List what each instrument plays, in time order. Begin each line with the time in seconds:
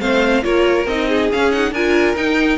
0.00 cello A3, viola C4, violin C5 F5
0.43 cello A#3, viola F4, violin A#4 C#5
0.86 cello C4, viola D#4, violin D#5
1.09 violin G#4
1.33 viola C#4, cello C#4, violin F5
1.52 viola D#4, violin F#5
1.72 cello D4, viola F4, violin A#4 G#5
2.16 viola D#4, cello D#4, violin G5